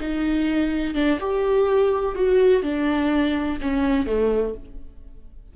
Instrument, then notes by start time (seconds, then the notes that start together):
viola
0.00 D#4
0.94 D4
1.20 G4
2.15 F#4
2.62 D4
3.61 C#4
4.06 A3